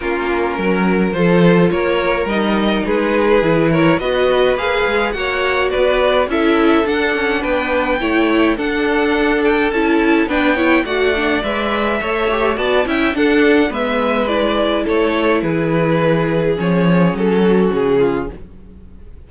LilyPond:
<<
  \new Staff \with { instrumentName = "violin" } { \time 4/4 \tempo 4 = 105 ais'2 c''4 cis''4 | dis''4 b'4. cis''8 dis''4 | f''4 fis''4 d''4 e''4 | fis''4 g''2 fis''4~ |
fis''8 g''8 a''4 g''4 fis''4 | e''2 a''8 g''8 fis''4 | e''4 d''4 cis''4 b'4~ | b'4 cis''4 a'4 gis'4 | }
  \new Staff \with { instrumentName = "violin" } { \time 4/4 f'4 ais'4 a'4 ais'4~ | ais'4 gis'4. ais'8 b'4~ | b'4 cis''4 b'4 a'4~ | a'4 b'4 cis''4 a'4~ |
a'2 b'8 cis''8 d''4~ | d''4 cis''4 d''8 e''8 a'4 | b'2 a'4 gis'4~ | gis'2~ gis'8 fis'4 f'8 | }
  \new Staff \with { instrumentName = "viola" } { \time 4/4 cis'2 f'2 | dis'2 e'4 fis'4 | gis'4 fis'2 e'4 | d'2 e'4 d'4~ |
d'4 e'4 d'8 e'8 fis'8 d'8 | b'4 a'8 g'8 fis'8 e'8 d'4 | b4 e'2.~ | e'4 cis'2. | }
  \new Staff \with { instrumentName = "cello" } { \time 4/4 ais4 fis4 f4 ais4 | g4 gis4 e4 b4 | ais8 gis8 ais4 b4 cis'4 | d'8 cis'8 b4 a4 d'4~ |
d'4 cis'4 b4 a4 | gis4 a4 b8 cis'8 d'4 | gis2 a4 e4~ | e4 f4 fis4 cis4 | }
>>